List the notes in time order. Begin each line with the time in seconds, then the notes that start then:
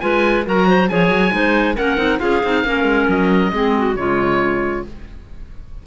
0.00 G#3 F4 B4 G#5
0.45 F#3 F#4 A#4 A#5
0.68 C5
0.89 F3 G#4 C#5 G#5
1.09 F#3
1.31 G#3 D#4 C5
1.76 A#3 C#4 A#4 F#5
1.97 C4 D#4
2.19 C#4 F4 G#4 F5
2.44 C4 D#4
2.65 A#3 C#4 A#4
2.84 G#3
3.08 F#3 D#5
3.52 G#3 C4 G#4
3.77 F#4
3.95 C#3 G#3 F4 C#5